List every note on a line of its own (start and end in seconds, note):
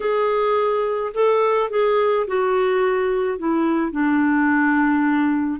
0.00 1.12 G#4
1.14 1.70 A4
1.70 2.26 G#4
2.27 3.38 F#4
3.38 3.91 E4
3.91 5.59 D4